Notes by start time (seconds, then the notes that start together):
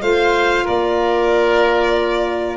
0.00 A3 F4 C5 F5
0.65 A#3 A#4 D5